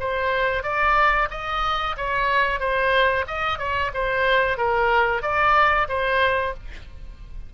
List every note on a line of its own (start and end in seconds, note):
0.00 0.63 C5
0.63 1.28 D5
1.31 1.96 D#5
1.97 2.60 C#5
2.60 3.25 C5
3.28 3.59 D#5
3.59 3.91 C#5
3.94 4.57 C5
4.57 5.22 A#4
5.22 5.87 D5
5.89 6.54 C5